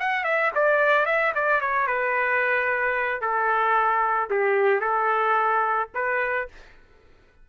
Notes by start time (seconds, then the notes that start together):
0.00 F#5
0.24 E5
0.55 D5
1.06 E5
1.35 D5
1.61 C#5
1.87 B4
3.21 A4
4.30 G4
4.81 A4
5.95 B4